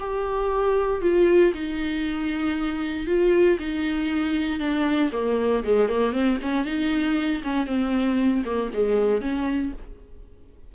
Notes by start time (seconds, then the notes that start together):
0.00 G4
1.02 F4
1.54 D#4
3.07 F4
3.59 D#4
4.60 D4
5.13 A#3
5.64 G#3
5.89 A#3
6.13 C4
6.42 C#4
6.65 D#4
7.44 C#4
7.67 C4
8.45 A#3
8.74 G#3
9.21 C#4